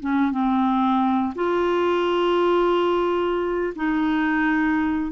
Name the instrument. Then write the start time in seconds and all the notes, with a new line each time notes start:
clarinet
0.00 C#4
0.31 C4
1.35 F4
3.76 D#4